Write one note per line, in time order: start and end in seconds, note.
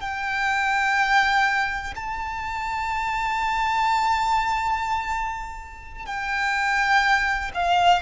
0.00 1.94 G5
1.95 6.06 A5
6.06 7.51 G5
7.54 8.01 F5